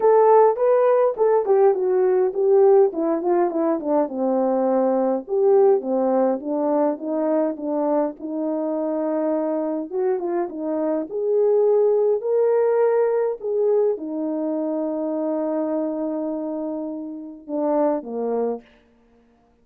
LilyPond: \new Staff \with { instrumentName = "horn" } { \time 4/4 \tempo 4 = 103 a'4 b'4 a'8 g'8 fis'4 | g'4 e'8 f'8 e'8 d'8 c'4~ | c'4 g'4 c'4 d'4 | dis'4 d'4 dis'2~ |
dis'4 fis'8 f'8 dis'4 gis'4~ | gis'4 ais'2 gis'4 | dis'1~ | dis'2 d'4 ais4 | }